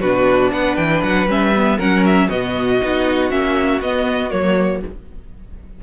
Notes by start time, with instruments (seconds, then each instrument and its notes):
0.00 cello B2, viola D4, violin F#4 B4
0.53 cello B3, violin B4 F#5
0.76 cello E3, violin G5
1.03 cello F#3, violin F#5
1.27 cello G3, viola C#4, violin E5
1.56 viola B3
1.77 cello F#3, viola C#4, violin A#4 F#5
2.05 violin E5
2.29 cello B2, viola B3, violin F#4 D#5
2.81 cello B3, viola D#4
3.30 cello A#3, viola C#4, violin E5
3.80 cello B3, viola B3, violin D#5
4.30 cello F#3, viola A#3, violin C#5